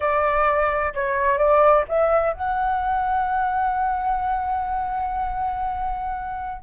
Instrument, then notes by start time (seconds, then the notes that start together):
flute
0.00 D5
0.94 C#5
1.38 D5
1.88 E5
2.33 F#5